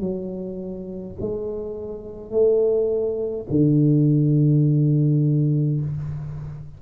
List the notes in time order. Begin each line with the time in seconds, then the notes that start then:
0.00 F#3
1.21 G#3
2.31 A3
3.49 D3